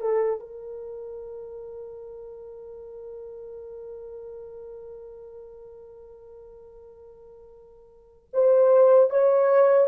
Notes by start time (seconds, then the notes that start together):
0.00 A4
0.39 A#4
8.33 C5
9.10 C#5